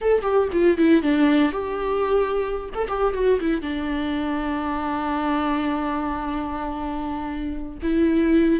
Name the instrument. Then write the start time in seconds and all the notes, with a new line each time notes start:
viola
0.01 A4
0.22 G4
0.52 F4
0.77 E4
1.02 D4
1.52 G4
2.74 A4
2.88 G4
3.13 F#4
3.40 E4
3.61 D4
7.82 E4